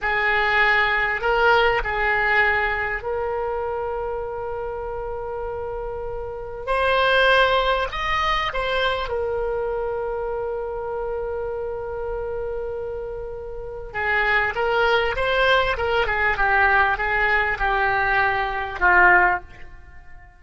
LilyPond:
\new Staff \with { instrumentName = "oboe" } { \time 4/4 \tempo 4 = 99 gis'2 ais'4 gis'4~ | gis'4 ais'2.~ | ais'2. c''4~ | c''4 dis''4 c''4 ais'4~ |
ais'1~ | ais'2. gis'4 | ais'4 c''4 ais'8 gis'8 g'4 | gis'4 g'2 f'4 | }